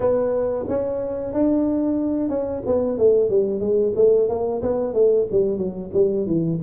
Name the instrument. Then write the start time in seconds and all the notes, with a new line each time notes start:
tuba
0.00 B3
0.68 C#4
1.33 D4
2.29 C#4
2.66 B3
2.98 A3
3.29 G3
3.60 G#3
3.95 A3
4.28 A#3
4.62 B3
4.93 A3
5.31 G3
5.57 F#3
5.93 G3
6.26 E3